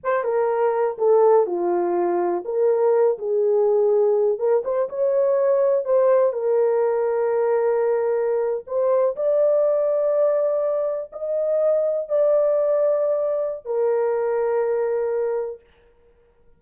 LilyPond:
\new Staff \with { instrumentName = "horn" } { \time 4/4 \tempo 4 = 123 c''8 ais'4. a'4 f'4~ | f'4 ais'4. gis'4.~ | gis'4 ais'8 c''8 cis''2 | c''4 ais'2.~ |
ais'4.~ ais'16 c''4 d''4~ d''16~ | d''2~ d''8. dis''4~ dis''16~ | dis''8. d''2.~ d''16 | ais'1 | }